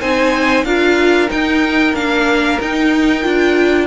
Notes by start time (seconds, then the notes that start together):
0.00 C4 D#4 C5 G#5
0.64 D4 F4 A#4 F5
1.28 D#4 G5
1.93 A#3 D4 F5
2.61 D#4 G5
3.22 D4 F4